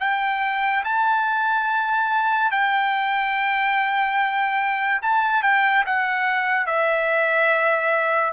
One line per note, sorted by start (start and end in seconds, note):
0.00 0.83 G5
0.84 2.51 A5
2.51 5.01 G5
5.02 5.43 A5
5.43 5.84 G5
5.86 6.66 F#5
6.66 8.33 E5